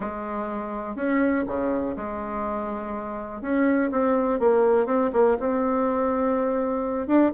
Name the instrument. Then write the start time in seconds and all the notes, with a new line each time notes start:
bassoon
0.00 G#3
0.95 C#4
1.47 C#3
1.96 G#3
3.41 C#4
3.91 C4
4.39 A#3
4.86 C4
5.12 A#3
5.39 C4
7.07 D4